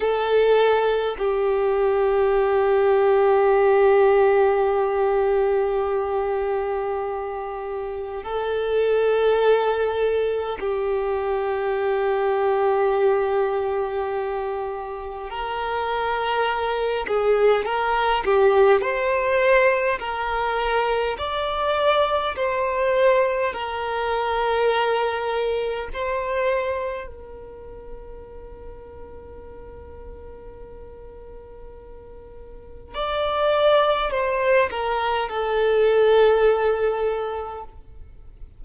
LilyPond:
\new Staff \with { instrumentName = "violin" } { \time 4/4 \tempo 4 = 51 a'4 g'2.~ | g'2. a'4~ | a'4 g'2.~ | g'4 ais'4. gis'8 ais'8 g'8 |
c''4 ais'4 d''4 c''4 | ais'2 c''4 ais'4~ | ais'1 | d''4 c''8 ais'8 a'2 | }